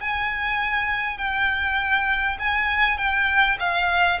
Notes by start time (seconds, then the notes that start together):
0.00 G#5
1.17 G5
2.39 G#5
2.97 G5
3.59 F5